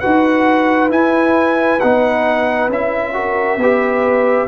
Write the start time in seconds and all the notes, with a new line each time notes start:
0.00 D#4 F#4 B4 F#5
0.89 E4 G#5
1.80 B3 D#4 F#5
2.69 C#4 E4 E5
3.13 F#4 A#4
3.57 B3 G4 B4